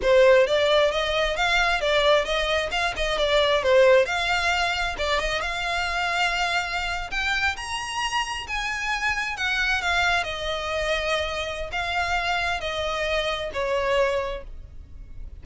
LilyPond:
\new Staff \with { instrumentName = "violin" } { \time 4/4 \tempo 4 = 133 c''4 d''4 dis''4 f''4 | d''4 dis''4 f''8 dis''8 d''4 | c''4 f''2 d''8 dis''8 | f''2.~ f''8. g''16~ |
g''8. ais''2 gis''4~ gis''16~ | gis''8. fis''4 f''4 dis''4~ dis''16~ | dis''2 f''2 | dis''2 cis''2 | }